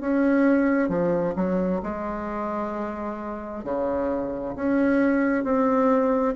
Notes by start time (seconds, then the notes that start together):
0.00 C#4
0.88 F3
1.36 F#3
1.83 G#3
3.64 C#3
4.55 C#4
5.44 C4